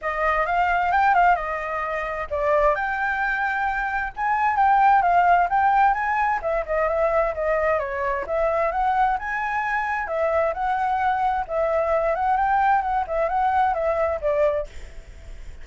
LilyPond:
\new Staff \with { instrumentName = "flute" } { \time 4/4 \tempo 4 = 131 dis''4 f''4 g''8 f''8 dis''4~ | dis''4 d''4 g''2~ | g''4 gis''4 g''4 f''4 | g''4 gis''4 e''8 dis''8 e''4 |
dis''4 cis''4 e''4 fis''4 | gis''2 e''4 fis''4~ | fis''4 e''4. fis''8 g''4 | fis''8 e''8 fis''4 e''4 d''4 | }